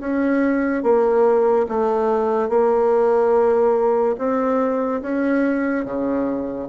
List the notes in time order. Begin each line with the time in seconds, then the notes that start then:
0.00 C#4
0.83 A#3
1.69 A3
2.49 A#3
4.19 C4
5.02 C#4
5.85 C#3